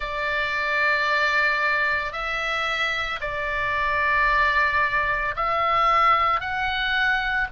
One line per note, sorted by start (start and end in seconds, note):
0.00 2.12 D5
2.12 3.19 E5
3.20 5.35 D5
5.36 6.40 E5
6.40 7.47 F#5